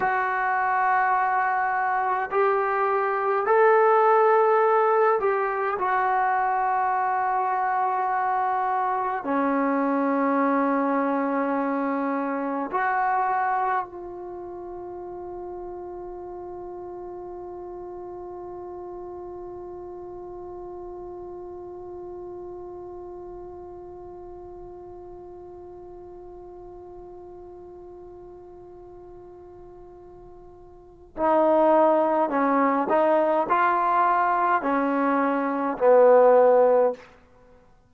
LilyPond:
\new Staff \with { instrumentName = "trombone" } { \time 4/4 \tempo 4 = 52 fis'2 g'4 a'4~ | a'8 g'8 fis'2. | cis'2. fis'4 | f'1~ |
f'1~ | f'1~ | f'2. dis'4 | cis'8 dis'8 f'4 cis'4 b4 | }